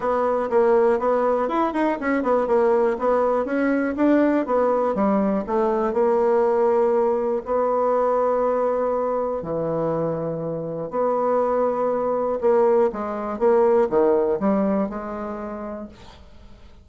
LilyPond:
\new Staff \with { instrumentName = "bassoon" } { \time 4/4 \tempo 4 = 121 b4 ais4 b4 e'8 dis'8 | cis'8 b8 ais4 b4 cis'4 | d'4 b4 g4 a4 | ais2. b4~ |
b2. e4~ | e2 b2~ | b4 ais4 gis4 ais4 | dis4 g4 gis2 | }